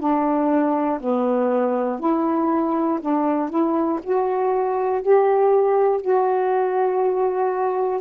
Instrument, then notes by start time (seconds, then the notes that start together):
saxophone
0.00 D4
1.01 B3
2.00 E4
3.01 D4
3.50 E4
4.04 F#4
5.02 G4
6.02 F#4